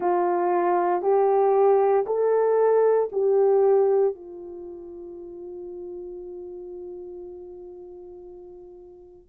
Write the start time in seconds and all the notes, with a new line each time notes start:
0.00 F4
1.02 G4
2.06 A4
3.11 G4
4.14 F4